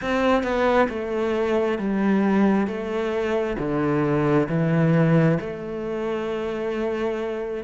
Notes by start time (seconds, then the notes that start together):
0.01 C4
0.43 B3
0.89 A3
1.78 G3
2.67 A3
3.58 D3
4.48 E3
5.40 A3